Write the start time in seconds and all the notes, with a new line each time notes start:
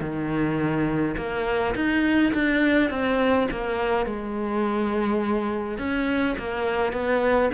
0.00 D#3
1.17 A#3
1.75 D#4
2.34 D4
2.90 C4
3.50 A#3
4.05 G#3
5.78 C#4
6.38 A#3
6.92 B3